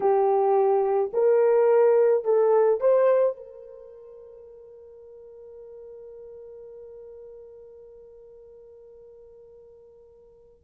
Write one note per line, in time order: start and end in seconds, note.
0.00 1.11 G4
1.13 2.24 A#4
2.24 2.80 A4
2.80 3.36 C5
3.36 10.64 A#4